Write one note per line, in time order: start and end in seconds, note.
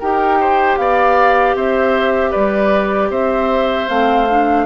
0.00 0.78 D#4
0.00 3.88 G4
0.00 0.39 A#4
0.00 0.78 G5
0.40 0.79 C5
0.78 1.55 B3
0.78 1.56 D5
0.78 1.56 F5
1.55 2.33 C4
1.55 2.31 C5
1.55 2.32 E5
2.31 3.10 G3
2.31 3.09 B4
2.31 3.10 D5
3.10 3.88 C4
3.10 4.66 C5
3.10 3.89 E5
3.88 4.66 A3
3.88 4.27 C4
3.88 4.66 F5
4.30 4.66 D4